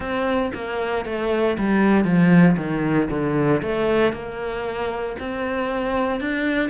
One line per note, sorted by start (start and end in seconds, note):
0.00 0.52 C4
0.54 1.05 A#3
1.05 1.57 A3
1.58 2.04 G3
2.04 2.56 F3
2.57 3.08 D#3
3.09 3.61 D3
3.62 4.12 A3
4.12 5.16 A#3
5.19 6.20 C4
6.20 6.69 D4